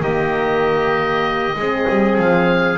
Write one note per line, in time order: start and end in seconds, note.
0.00 1.55 D#3
0.00 1.55 A#3
0.00 1.58 G4
0.00 2.19 D#5
1.56 1.87 G#3
1.56 2.78 C4
1.56 2.78 G#4
1.90 2.18 G3
2.18 2.78 F3
2.18 2.78 F5